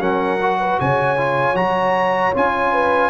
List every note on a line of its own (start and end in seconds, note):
0.00 0.78 F#3
0.00 0.39 C#4
0.00 0.58 A#4
0.00 0.80 F#5
0.42 1.18 F#4
0.60 0.80 B4
0.80 1.54 C#3
0.80 2.72 C#5
0.80 1.56 G#5
1.18 1.56 F4
1.54 2.32 F#3
1.54 2.34 F#4
1.54 2.34 A#5
2.34 3.10 C#4
2.34 3.10 F4
2.34 3.10 G#5
2.72 3.10 B4